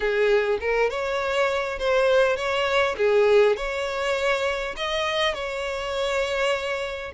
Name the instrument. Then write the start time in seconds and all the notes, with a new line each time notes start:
violin
0.00 G#4
0.60 A#4
0.89 C#5
1.78 C5
2.36 C#5
2.97 G#4
3.56 C#5
4.76 D#5
5.34 C#5